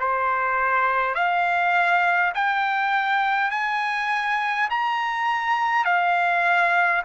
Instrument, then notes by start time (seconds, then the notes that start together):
trumpet
0.00 C5
1.16 F5
2.35 G5
3.51 G#5
4.70 A#5
5.85 F5